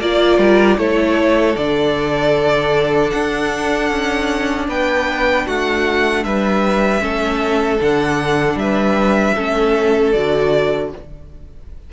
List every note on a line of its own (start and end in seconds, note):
0.00 0.38 A#3
0.00 0.78 F4
0.00 0.78 D5
0.00 0.38 D5
0.38 0.77 G3
0.38 0.77 A#4
0.78 1.56 A3
0.78 1.56 E4
0.78 4.68 A4
0.78 1.56 C#5
1.56 3.12 D3
1.56 7.00 D4
1.56 3.10 D5
3.10 3.90 D4
3.10 4.66 F#5
3.90 4.68 C#4
4.68 5.46 B3
4.68 5.46 B4
4.68 5.47 G5
5.46 6.25 A3
5.46 6.24 F#4
5.46 6.24 F#5
6.24 7.01 G3
6.24 7.02 B4
6.24 7.80 E5
7.00 7.79 A3
7.00 7.77 C#4
7.00 8.58 A4
7.80 8.55 D3
7.80 9.36 D4
7.80 8.58 F#5
8.55 9.33 G3
8.55 9.35 B4
8.55 10.12 E5
9.35 10.14 A3
9.35 10.14 C#4
9.35 10.90 A4
10.12 10.92 D3
10.12 10.92 F#4
10.12 10.90 D5